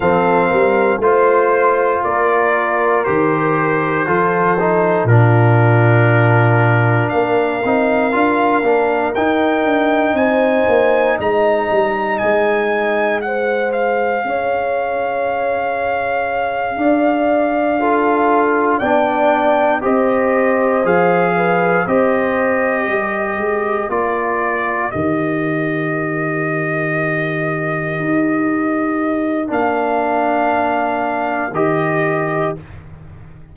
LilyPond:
<<
  \new Staff \with { instrumentName = "trumpet" } { \time 4/4 \tempo 4 = 59 f''4 c''4 d''4 c''4~ | c''4 ais'2 f''4~ | f''4 g''4 gis''4 ais''4 | gis''4 fis''8 f''2~ f''8~ |
f''2~ f''8 g''4 dis''8~ | dis''8 f''4 dis''2 d''8~ | d''8 dis''2.~ dis''8~ | dis''4 f''2 dis''4 | }
  \new Staff \with { instrumentName = "horn" } { \time 4/4 a'8 ais'8 c''4 ais'2 | a'4 f'2 ais'4~ | ais'2 c''4 dis''4~ | dis''4 c''4 cis''2~ |
cis''8 d''4 a'4 d''4 c''8~ | c''4 b'8 c''4 ais'4.~ | ais'1~ | ais'1 | }
  \new Staff \with { instrumentName = "trombone" } { \time 4/4 c'4 f'2 g'4 | f'8 dis'8 d'2~ d'8 dis'8 | f'8 d'8 dis'2.~ | dis'4 gis'2.~ |
gis'4. f'4 d'4 g'8~ | g'8 gis'4 g'2 f'8~ | f'8 g'2.~ g'8~ | g'4 d'2 g'4 | }
  \new Staff \with { instrumentName = "tuba" } { \time 4/4 f8 g8 a4 ais4 dis4 | f4 ais,2 ais8 c'8 | d'8 ais8 dis'8 d'8 c'8 ais8 gis8 g8 | gis2 cis'2~ |
cis'8 d'2 b4 c'8~ | c'8 f4 c'4 g8 gis8 ais8~ | ais8 dis2. dis'8~ | dis'4 ais2 dis4 | }
>>